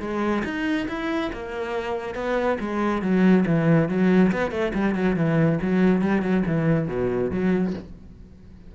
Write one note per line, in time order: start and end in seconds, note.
0.00 0.43 G#3
0.44 0.87 D#4
0.88 1.31 E4
1.33 2.15 A#3
2.15 2.58 B3
2.60 3.02 G#3
3.02 3.45 F#3
3.46 3.89 E3
3.89 4.31 F#3
4.32 4.51 B3
4.51 4.73 A3
4.74 4.95 G3
4.95 5.16 F#3
5.16 5.59 E3
5.62 6.01 F#3
6.01 6.22 G3
6.22 6.43 F#3
6.47 6.88 E3
6.88 7.31 B2
7.31 7.74 F#3